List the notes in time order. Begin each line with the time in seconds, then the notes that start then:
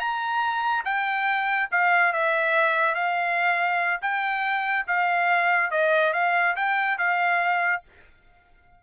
0.00 A#5
0.85 G5
1.72 F5
2.13 E5
2.95 F5
4.02 G5
4.87 F5
5.72 D#5
6.14 F5
6.57 G5
6.99 F5